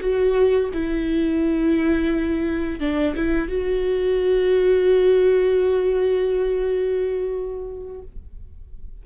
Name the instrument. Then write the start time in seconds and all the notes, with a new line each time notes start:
viola
0.00 F#4
0.73 E4
2.80 D4
3.16 E4
3.48 F#4